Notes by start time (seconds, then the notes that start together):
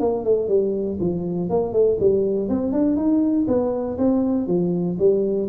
0.00 A#3
0.25 A3
0.49 G3
1.00 F3
1.50 A#3
1.73 A3
2.00 G3
2.49 C4
2.73 D4
2.96 D#4
3.48 B3
3.98 C4
4.47 F3
4.99 G3